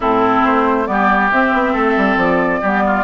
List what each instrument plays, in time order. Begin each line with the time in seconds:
0.00 bassoon A2, clarinet C4, oboe E4, flute A4
0.44 bassoon A3, flute C5
0.86 bassoon G3, clarinet B3, oboe G4, flute D5
1.31 bassoon C4, clarinet C4, flute E5
1.53 bassoon B3
1.73 bassoon A3, oboe A4
1.96 bassoon G3
2.16 bassoon F3, flute D5
2.60 bassoon G3, clarinet B3, oboe G4
2.86 oboe F4